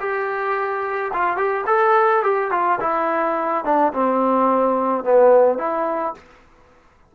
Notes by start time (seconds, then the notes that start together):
0.00 G4
1.14 F4
1.37 G4
1.67 A4
2.24 G4
2.51 F4
2.81 E4
3.65 D4
3.94 C4
5.05 B3
5.58 E4